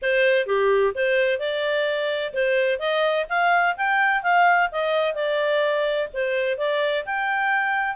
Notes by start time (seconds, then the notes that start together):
0.02 C5
0.46 G4
0.94 C5
1.39 D5
2.33 C5
2.79 D#5
3.29 F5
3.76 G5
4.22 F5
4.71 D#5
5.14 D5
6.13 C5
6.57 D5
7.05 G5